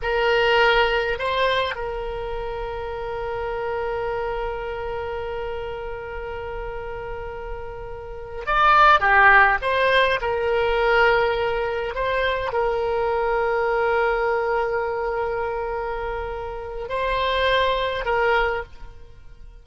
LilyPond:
\new Staff \with { instrumentName = "oboe" } { \time 4/4 \tempo 4 = 103 ais'2 c''4 ais'4~ | ais'1~ | ais'1~ | ais'2~ ais'8 d''4 g'8~ |
g'8 c''4 ais'2~ ais'8~ | ais'8 c''4 ais'2~ ais'8~ | ais'1~ | ais'4 c''2 ais'4 | }